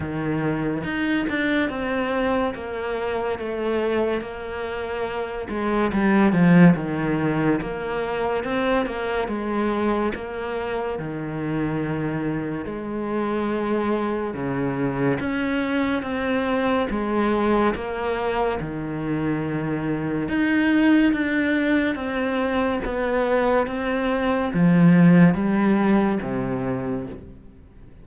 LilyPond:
\new Staff \with { instrumentName = "cello" } { \time 4/4 \tempo 4 = 71 dis4 dis'8 d'8 c'4 ais4 | a4 ais4. gis8 g8 f8 | dis4 ais4 c'8 ais8 gis4 | ais4 dis2 gis4~ |
gis4 cis4 cis'4 c'4 | gis4 ais4 dis2 | dis'4 d'4 c'4 b4 | c'4 f4 g4 c4 | }